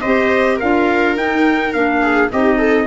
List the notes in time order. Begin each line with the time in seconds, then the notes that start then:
0.00 C4 G4 C5 D#5
0.55 F4 A#4 F5
0.62 D4
1.16 D#4 G5
1.73 A#3 D4 F5
2.01 G#4
2.31 C4 D#4 G4 D#5
2.57 A4